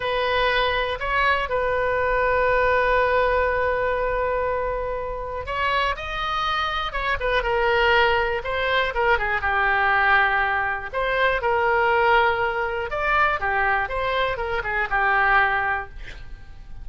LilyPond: \new Staff \with { instrumentName = "oboe" } { \time 4/4 \tempo 4 = 121 b'2 cis''4 b'4~ | b'1~ | b'2. cis''4 | dis''2 cis''8 b'8 ais'4~ |
ais'4 c''4 ais'8 gis'8 g'4~ | g'2 c''4 ais'4~ | ais'2 d''4 g'4 | c''4 ais'8 gis'8 g'2 | }